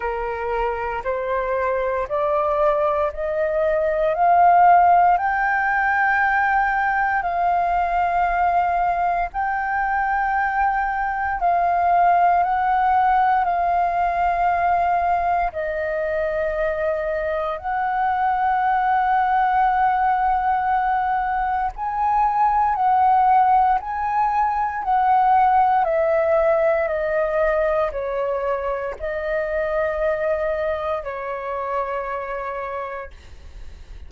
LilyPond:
\new Staff \with { instrumentName = "flute" } { \time 4/4 \tempo 4 = 58 ais'4 c''4 d''4 dis''4 | f''4 g''2 f''4~ | f''4 g''2 f''4 | fis''4 f''2 dis''4~ |
dis''4 fis''2.~ | fis''4 gis''4 fis''4 gis''4 | fis''4 e''4 dis''4 cis''4 | dis''2 cis''2 | }